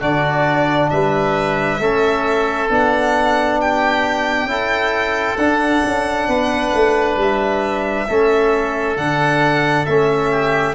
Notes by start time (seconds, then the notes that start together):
0.00 D3 D4 F#4 D5
0.90 G3 B4 E5
1.79 A3 C#4 A4
2.69 B3 D4 F#5
3.60 G4 G5
4.45 C#4 E4 A4
5.37 D4 F#5
5.84 C#4
6.28 B3 B4
6.74 A3
7.16 G3 E5
8.08 A3 C#4 A4
8.96 D3 D4 F#5
9.85 A3 C#4 E5
10.30 G4